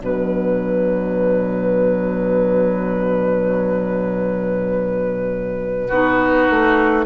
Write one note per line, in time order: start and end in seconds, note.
0.00 5.89 B2
0.00 5.88 F#3
0.00 5.88 D4
0.00 7.06 B4
5.88 6.49 B3
5.88 7.06 D#4
5.88 7.06 F#4
6.50 7.06 A3